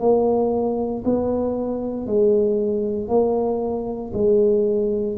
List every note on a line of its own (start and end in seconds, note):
0.00 1.03 A#3
1.05 2.07 B3
2.07 3.08 G#3
3.08 4.12 A#3
4.14 5.17 G#3